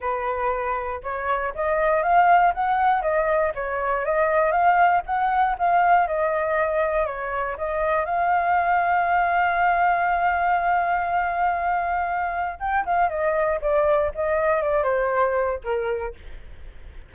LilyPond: \new Staff \with { instrumentName = "flute" } { \time 4/4 \tempo 4 = 119 b'2 cis''4 dis''4 | f''4 fis''4 dis''4 cis''4 | dis''4 f''4 fis''4 f''4 | dis''2 cis''4 dis''4 |
f''1~ | f''1~ | f''4 g''8 f''8 dis''4 d''4 | dis''4 d''8 c''4. ais'4 | }